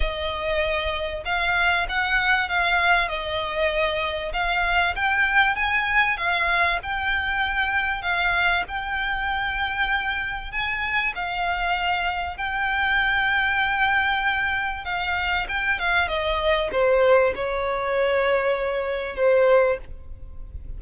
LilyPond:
\new Staff \with { instrumentName = "violin" } { \time 4/4 \tempo 4 = 97 dis''2 f''4 fis''4 | f''4 dis''2 f''4 | g''4 gis''4 f''4 g''4~ | g''4 f''4 g''2~ |
g''4 gis''4 f''2 | g''1 | f''4 g''8 f''8 dis''4 c''4 | cis''2. c''4 | }